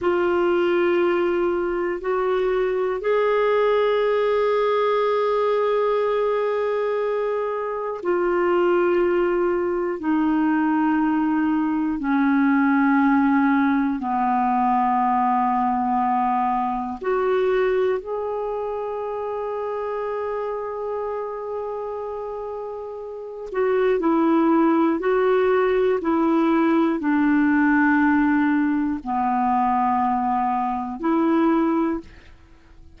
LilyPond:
\new Staff \with { instrumentName = "clarinet" } { \time 4/4 \tempo 4 = 60 f'2 fis'4 gis'4~ | gis'1 | f'2 dis'2 | cis'2 b2~ |
b4 fis'4 gis'2~ | gis'2.~ gis'8 fis'8 | e'4 fis'4 e'4 d'4~ | d'4 b2 e'4 | }